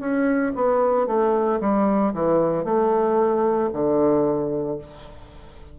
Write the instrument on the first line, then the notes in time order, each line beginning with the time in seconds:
bassoon
0.00 C#4
0.56 B3
1.07 A3
1.61 G3
2.14 E3
2.65 A3
3.73 D3